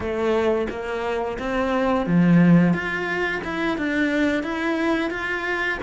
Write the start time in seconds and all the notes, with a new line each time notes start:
0.00 A3
0.69 A#3
1.39 C4
2.06 F3
2.73 F4
3.44 E4
3.77 D4
4.43 E4
5.10 F4